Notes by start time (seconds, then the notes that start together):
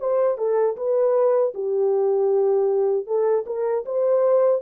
0.00 C5
0.38 A4
0.77 B4
1.55 G4
3.07 A4
3.47 A#4
3.85 C5